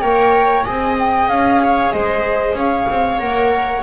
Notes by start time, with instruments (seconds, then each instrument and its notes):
0.00 double bass A#3, viola A#4 C#5, flute G5
0.64 double bass C4, viola G#4 D#5, flute G#5
0.98 flute G5
1.29 double bass C#4, flute F5
1.63 viola C#5
1.92 double bass G#3, viola C5, flute D#5
2.54 double bass C#4, viola C#5, flute F5
2.89 double bass C4
3.19 double bass A#3, viola A#4, flute F#5